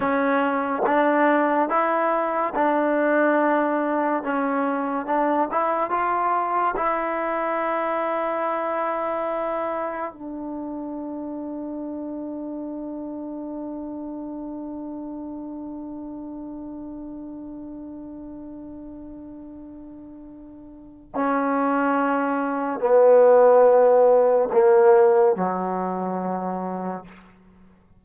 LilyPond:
\new Staff \with { instrumentName = "trombone" } { \time 4/4 \tempo 4 = 71 cis'4 d'4 e'4 d'4~ | d'4 cis'4 d'8 e'8 f'4 | e'1 | d'1~ |
d'1~ | d'1~ | d'4 cis'2 b4~ | b4 ais4 fis2 | }